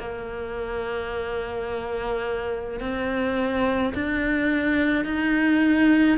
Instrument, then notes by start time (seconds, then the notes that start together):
cello
0.00 A#3
2.80 C4
3.95 D4
5.05 D#4